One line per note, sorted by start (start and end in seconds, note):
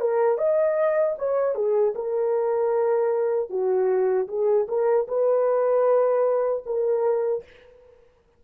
0.00 0.38 A#4
0.38 1.15 D#5
1.18 1.54 C#5
1.54 1.93 G#4
1.95 3.49 A#4
3.49 4.27 F#4
4.28 4.66 G#4
4.68 5.07 A#4
5.07 6.63 B4
6.66 7.43 A#4